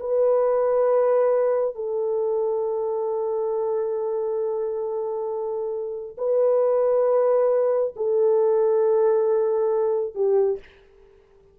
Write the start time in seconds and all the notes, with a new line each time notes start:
0.00 B4
1.75 A4
6.18 B4
7.96 A4
10.15 G4